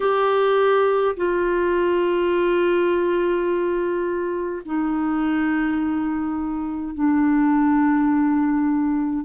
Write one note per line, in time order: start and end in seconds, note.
0.00 1.15 G4
1.16 4.62 F4
4.65 6.94 D#4
6.94 9.24 D4